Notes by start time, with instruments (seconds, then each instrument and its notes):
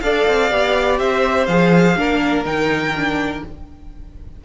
0.00 cello D4, viola A4, violin D5 F5
0.27 cello C4
0.49 cello B3, viola G4
0.98 cello C4, violin C5 E5
1.46 cello F3, viola G#4, violin F5
1.96 cello A#3, viola D4, violin A#4
2.44 cello D#3, viola D#4, violin G5
2.96 viola D4